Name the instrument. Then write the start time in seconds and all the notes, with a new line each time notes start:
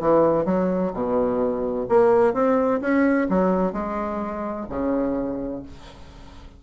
bassoon
0.00 E3
0.45 F#3
0.94 B2
1.89 A#3
2.34 C4
2.81 C#4
3.29 F#3
3.73 G#3
4.69 C#3